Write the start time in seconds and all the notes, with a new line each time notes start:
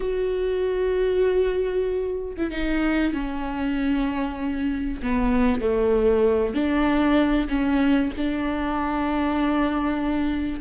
0.00 F#4
2.37 E4
2.50 D#4
3.13 C#4
5.02 B3
5.61 A3
6.54 D4
7.49 C#4
8.17 D4